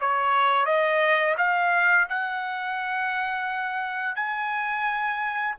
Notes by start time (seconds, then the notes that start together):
0.00 C#5
0.65 D#5
1.37 F5
2.09 F#5
4.15 G#5